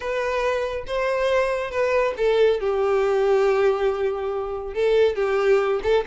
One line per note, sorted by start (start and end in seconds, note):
0.00 0.84 B4
0.86 1.71 C5
1.71 2.14 B4
2.17 2.60 A4
2.60 4.73 G4
4.73 5.15 A4
5.15 5.80 G4
5.82 6.04 A4